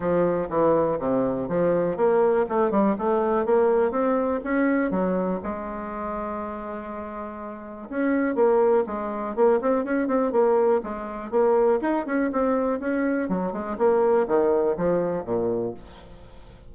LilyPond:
\new Staff \with { instrumentName = "bassoon" } { \time 4/4 \tempo 4 = 122 f4 e4 c4 f4 | ais4 a8 g8 a4 ais4 | c'4 cis'4 fis4 gis4~ | gis1 |
cis'4 ais4 gis4 ais8 c'8 | cis'8 c'8 ais4 gis4 ais4 | dis'8 cis'8 c'4 cis'4 fis8 gis8 | ais4 dis4 f4 ais,4 | }